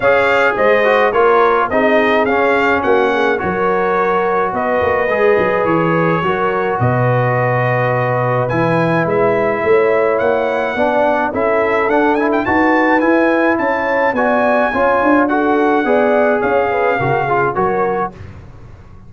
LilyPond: <<
  \new Staff \with { instrumentName = "trumpet" } { \time 4/4 \tempo 4 = 106 f''4 dis''4 cis''4 dis''4 | f''4 fis''4 cis''2 | dis''2 cis''2 | dis''2. gis''4 |
e''2 fis''2 | e''4 fis''8 gis''16 g''16 a''4 gis''4 | a''4 gis''2 fis''4~ | fis''4 f''2 cis''4 | }
  \new Staff \with { instrumentName = "horn" } { \time 4/4 cis''4 c''4 ais'4 gis'4~ | gis'4 fis'8 gis'8 ais'2 | b'2. ais'4 | b'1~ |
b'4 cis''2 d''4 | a'2 b'2 | cis''4 d''4 cis''4 a'4 | d''4 cis''8 b'8 ais'8 gis'8 ais'4 | }
  \new Staff \with { instrumentName = "trombone" } { \time 4/4 gis'4. fis'8 f'4 dis'4 | cis'2 fis'2~ | fis'4 gis'2 fis'4~ | fis'2. e'4~ |
e'2. d'4 | e'4 d'8 e'8 fis'4 e'4~ | e'4 fis'4 f'4 fis'4 | gis'2 fis'8 f'8 fis'4 | }
  \new Staff \with { instrumentName = "tuba" } { \time 4/4 cis'4 gis4 ais4 c'4 | cis'4 ais4 fis2 | b8 ais8 gis8 fis8 e4 fis4 | b,2. e4 |
gis4 a4 ais4 b4 | cis'4 d'4 dis'4 e'4 | cis'4 b4 cis'8 d'4. | b4 cis'4 cis4 fis4 | }
>>